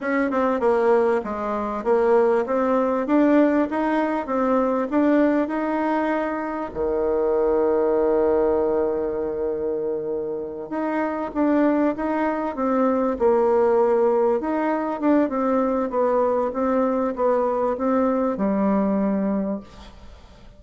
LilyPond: \new Staff \with { instrumentName = "bassoon" } { \time 4/4 \tempo 4 = 98 cis'8 c'8 ais4 gis4 ais4 | c'4 d'4 dis'4 c'4 | d'4 dis'2 dis4~ | dis1~ |
dis4. dis'4 d'4 dis'8~ | dis'8 c'4 ais2 dis'8~ | dis'8 d'8 c'4 b4 c'4 | b4 c'4 g2 | }